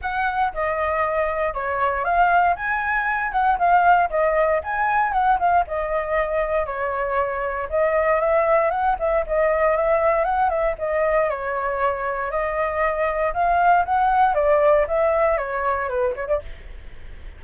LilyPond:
\new Staff \with { instrumentName = "flute" } { \time 4/4 \tempo 4 = 117 fis''4 dis''2 cis''4 | f''4 gis''4. fis''8 f''4 | dis''4 gis''4 fis''8 f''8 dis''4~ | dis''4 cis''2 dis''4 |
e''4 fis''8 e''8 dis''4 e''4 | fis''8 e''8 dis''4 cis''2 | dis''2 f''4 fis''4 | d''4 e''4 cis''4 b'8 cis''16 d''16 | }